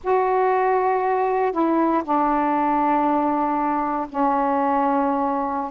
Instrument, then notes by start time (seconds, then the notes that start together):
saxophone
0.03 F#4
1.52 E4
2.03 D4
4.09 C#4